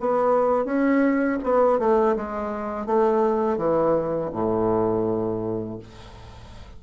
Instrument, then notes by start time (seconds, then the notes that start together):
bassoon
0.00 B3
0.65 C#4
1.43 B3
1.79 A3
2.16 G#3
2.86 A3
3.57 E3
4.33 A2